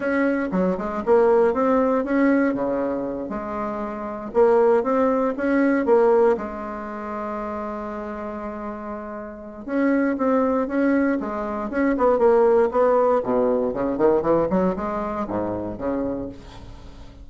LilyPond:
\new Staff \with { instrumentName = "bassoon" } { \time 4/4 \tempo 4 = 118 cis'4 fis8 gis8 ais4 c'4 | cis'4 cis4. gis4.~ | gis8 ais4 c'4 cis'4 ais8~ | ais8 gis2.~ gis8~ |
gis2. cis'4 | c'4 cis'4 gis4 cis'8 b8 | ais4 b4 b,4 cis8 dis8 | e8 fis8 gis4 gis,4 cis4 | }